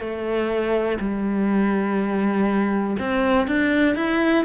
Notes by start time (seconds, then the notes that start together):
0.00 A3
1.00 G3
2.99 C4
3.47 D4
3.95 E4